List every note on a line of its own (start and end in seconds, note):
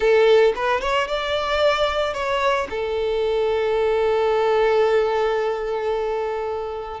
0.00 0.53 A4
0.55 0.80 B4
0.80 1.07 C#5
1.07 2.13 D5
2.13 2.67 C#5
2.70 7.00 A4